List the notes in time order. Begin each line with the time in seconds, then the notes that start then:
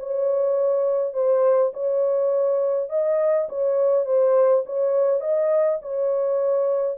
0.00 C#5
1.14 C5
1.74 C#5
2.90 D#5
3.49 C#5
4.06 C5
4.67 C#5
5.21 D#5
5.83 C#5